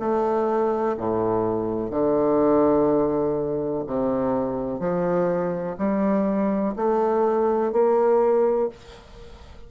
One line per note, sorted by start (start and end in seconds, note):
0.00 0.97 A3
0.98 1.91 A2
1.91 3.84 D3
3.88 4.80 C3
4.80 5.77 F3
5.78 6.75 G3
6.77 7.73 A3
7.73 8.70 A#3